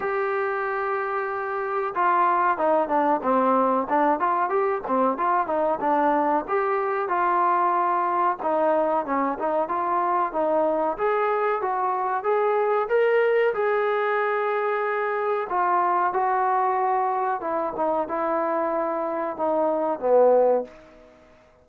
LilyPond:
\new Staff \with { instrumentName = "trombone" } { \time 4/4 \tempo 4 = 93 g'2. f'4 | dis'8 d'8 c'4 d'8 f'8 g'8 c'8 | f'8 dis'8 d'4 g'4 f'4~ | f'4 dis'4 cis'8 dis'8 f'4 |
dis'4 gis'4 fis'4 gis'4 | ais'4 gis'2. | f'4 fis'2 e'8 dis'8 | e'2 dis'4 b4 | }